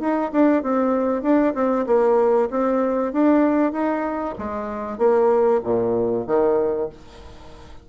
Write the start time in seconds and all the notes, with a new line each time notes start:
0.00 D#4
0.32 D4
0.63 C4
1.22 D4
1.54 C4
1.86 A#3
2.51 C4
3.13 D4
3.72 D#4
4.38 G#3
4.98 A#3
5.64 A#2
6.27 D#3